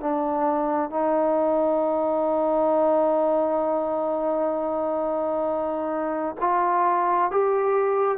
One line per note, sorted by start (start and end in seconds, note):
0.00 0.90 D4
0.90 6.35 D#4
6.40 7.31 F4
7.31 8.18 G4